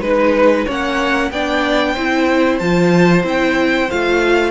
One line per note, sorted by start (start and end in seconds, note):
0.00 0.65 G#3
0.00 0.67 D#4
0.00 0.65 B4
0.00 0.67 B4
0.65 1.31 A#3
0.65 1.31 C#4
0.65 1.29 C#5
0.65 1.31 F#5
1.31 1.95 B3
1.31 1.97 D4
1.31 1.92 D5
1.31 2.58 G5
1.92 2.60 C4
1.92 2.61 E4
1.92 4.50 C5
2.58 3.23 F3
2.58 3.23 F4
2.58 3.22 A5
3.23 3.88 C4
3.23 3.87 E4
3.23 3.90 G5
3.90 4.51 A3
3.90 4.51 F4
3.90 4.51 F5